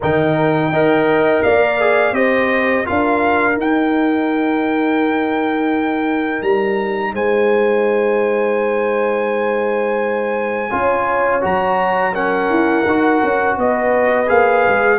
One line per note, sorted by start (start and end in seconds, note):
0.00 0.71 D#3
0.00 0.73 D#4
0.00 0.69 A#4
0.00 1.42 G5
0.71 1.43 D#4
0.71 1.80 A#4
0.71 1.43 D#5
1.42 2.11 A#3
1.42 2.14 D5
1.42 2.14 F5
1.80 2.13 G#4
2.11 2.83 C4
2.11 2.84 G4
2.11 2.85 C5
2.11 2.86 D#5
2.84 3.57 D4
2.84 3.53 F4
2.84 7.14 A#4
2.84 3.57 F5
3.53 10.67 D#4
3.53 6.41 D#4
3.60 6.42 G5
6.41 7.13 G3
6.41 7.13 A#5
7.13 10.70 G#3
7.13 10.71 C5
7.13 11.43 G#5
10.70 11.43 C#4
10.70 11.41 F4
10.70 12.13 C#5
11.41 12.49 F#3
11.41 12.12 F#4
11.41 12.15 A#5
12.13 12.85 C#4
12.13 13.56 A#4
12.13 13.57 F#5
12.49 12.85 E4
12.85 13.21 D#4
12.85 14.26 F#4
13.23 13.57 C#4
13.57 14.28 B3
13.57 14.99 B4
13.57 14.29 D#5
14.26 14.65 A#3
14.26 14.98 G#4
14.26 14.99 F5
14.66 14.99 G#3